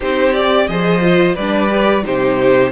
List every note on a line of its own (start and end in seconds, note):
0.00 0.68 C4
0.00 0.35 D#4
0.00 0.67 G4
0.00 0.33 C5
0.33 0.68 G4
0.33 0.67 D5
0.67 1.36 F3
0.67 1.01 G#4
0.67 1.35 C5
0.67 1.35 D#5
1.01 1.36 F4
1.35 2.05 G3
1.35 1.69 D4
1.35 2.03 B4
1.35 2.03 D5
1.69 2.03 G4
2.03 2.71 C3
2.03 2.71 D#4
2.03 2.71 G4
2.03 2.71 C5